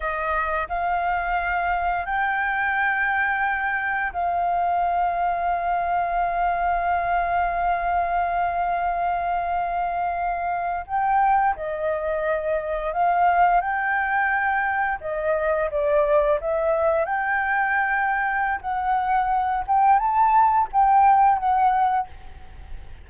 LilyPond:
\new Staff \with { instrumentName = "flute" } { \time 4/4 \tempo 4 = 87 dis''4 f''2 g''4~ | g''2 f''2~ | f''1~ | f''2.~ f''8. g''16~ |
g''8. dis''2 f''4 g''16~ | g''4.~ g''16 dis''4 d''4 e''16~ | e''8. g''2~ g''16 fis''4~ | fis''8 g''8 a''4 g''4 fis''4 | }